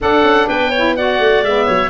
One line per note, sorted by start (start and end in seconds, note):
0.00 0.72 D4
0.00 0.22 D4
0.00 0.47 A4
0.00 0.49 F#5
0.22 0.46 C#4
0.47 1.19 B3
0.47 0.70 B4
0.47 0.96 G5
0.70 0.97 E4
0.70 0.94 C#5
0.96 1.44 F#4
0.96 1.65 D5
0.96 1.44 F#5
1.19 1.41 A3
1.41 1.65 G#3
1.41 1.90 B3
1.41 1.90 E5
1.65 1.90 F#3
1.65 1.89 C#5